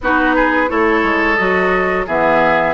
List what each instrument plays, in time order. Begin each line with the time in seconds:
0.01 bassoon B3, clarinet D#4, oboe F#4, flute B4
0.35 oboe G#4
0.67 bassoon A3, clarinet E4, oboe A4, flute C#5
1.03 bassoon G#3
1.35 bassoon F#3, clarinet F#4, flute D#5
2.06 bassoon E3, clarinet B3, oboe G#4, flute E5